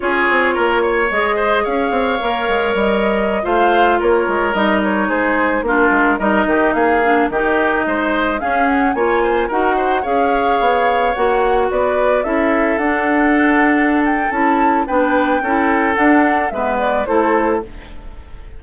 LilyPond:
<<
  \new Staff \with { instrumentName = "flute" } { \time 4/4 \tempo 4 = 109 cis''2 dis''4 f''4~ | f''4 dis''4~ dis''16 f''4 cis''8.~ | cis''16 dis''8 cis''8 c''4 ais'4 dis''8.~ | dis''16 f''4 dis''2 f''8 fis''16~ |
fis''16 gis''4 fis''4 f''4.~ f''16~ | f''16 fis''4 d''4 e''4 fis''8.~ | fis''4. g''8 a''4 g''4~ | g''4 fis''4 e''8 d''8 c''4 | }
  \new Staff \with { instrumentName = "oboe" } { \time 4/4 gis'4 ais'8 cis''4 c''8 cis''4~ | cis''2~ cis''16 c''4 ais'8.~ | ais'4~ ais'16 gis'4 f'4 ais'8 g'16~ | g'16 gis'4 g'4 c''4 gis'8.~ |
gis'16 cis''8 c''8 ais'8 c''8 cis''4.~ cis''16~ | cis''4~ cis''16 b'4 a'4.~ a'16~ | a'2. b'4 | a'2 b'4 a'4 | }
  \new Staff \with { instrumentName = "clarinet" } { \time 4/4 f'2 gis'2 | ais'2~ ais'16 f'4.~ f'16~ | f'16 dis'2 d'4 dis'8.~ | dis'8. d'8 dis'2 cis'8.~ |
cis'16 f'4 fis'4 gis'4.~ gis'16~ | gis'16 fis'2 e'4 d'8.~ | d'2 e'4 d'4 | e'4 d'4 b4 e'4 | }
  \new Staff \with { instrumentName = "bassoon" } { \time 4/4 cis'8 c'8 ais4 gis4 cis'8 c'8 | ais8 gis8 g4~ g16 a4 ais8 gis16~ | gis16 g4 gis4 ais8 gis8 g8 dis16~ | dis16 ais4 dis4 gis4 cis'8.~ |
cis'16 ais4 dis'4 cis'4 b8.~ | b16 ais4 b4 cis'4 d'8.~ | d'2 cis'4 b4 | cis'4 d'4 gis4 a4 | }
>>